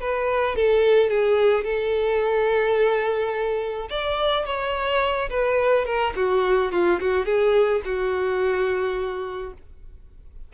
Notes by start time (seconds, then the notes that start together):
0.00 B4
0.56 A4
1.10 G#4
1.64 A4
3.90 D5
4.46 C#5
5.30 B4
5.85 A#4
6.16 F#4
6.72 F4
7.00 F#4
7.25 G#4
7.85 F#4